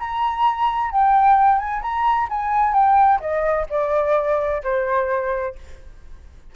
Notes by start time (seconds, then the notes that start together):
0.00 A#5
0.91 G5
1.59 G#5
1.82 A#5
2.30 G#5
2.74 G5
3.21 D#5
3.70 D5
4.64 C5